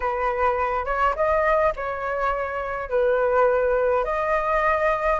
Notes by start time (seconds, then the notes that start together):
0.00 B4
0.85 C#5
1.15 D#5
1.75 C#5
2.89 B4
4.04 D#5